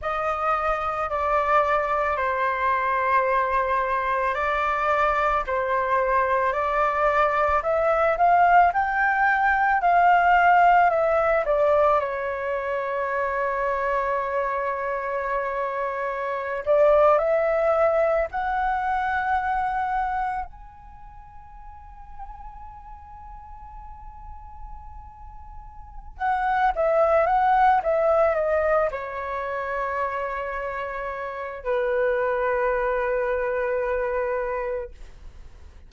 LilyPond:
\new Staff \with { instrumentName = "flute" } { \time 4/4 \tempo 4 = 55 dis''4 d''4 c''2 | d''4 c''4 d''4 e''8 f''8 | g''4 f''4 e''8 d''8 cis''4~ | cis''2.~ cis''16 d''8 e''16~ |
e''8. fis''2 gis''4~ gis''16~ | gis''1 | fis''8 e''8 fis''8 e''8 dis''8 cis''4.~ | cis''4 b'2. | }